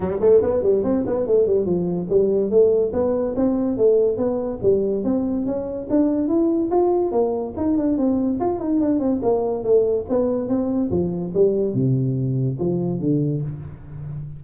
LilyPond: \new Staff \with { instrumentName = "tuba" } { \time 4/4 \tempo 4 = 143 g8 a8 b8 g8 c'8 b8 a8 g8 | f4 g4 a4 b4 | c'4 a4 b4 g4 | c'4 cis'4 d'4 e'4 |
f'4 ais4 dis'8 d'8 c'4 | f'8 dis'8 d'8 c'8 ais4 a4 | b4 c'4 f4 g4 | c2 f4 d4 | }